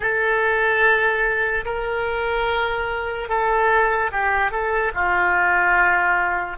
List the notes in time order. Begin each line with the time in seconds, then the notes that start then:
0.00 A4
1.65 A#4
3.28 A4
4.11 G4
4.51 A4
4.94 F4